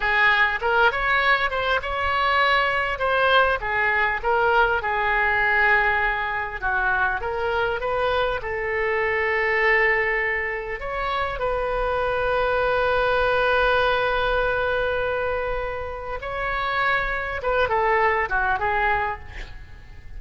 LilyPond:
\new Staff \with { instrumentName = "oboe" } { \time 4/4 \tempo 4 = 100 gis'4 ais'8 cis''4 c''8 cis''4~ | cis''4 c''4 gis'4 ais'4 | gis'2. fis'4 | ais'4 b'4 a'2~ |
a'2 cis''4 b'4~ | b'1~ | b'2. cis''4~ | cis''4 b'8 a'4 fis'8 gis'4 | }